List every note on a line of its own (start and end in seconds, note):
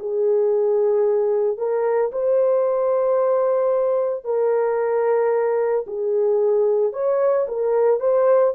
0.00 1.58 G#4
1.58 2.11 A#4
2.12 4.25 C5
4.25 5.85 A#4
5.87 6.93 G#4
6.93 7.47 C#5
7.48 8.00 A#4
8.00 8.54 C5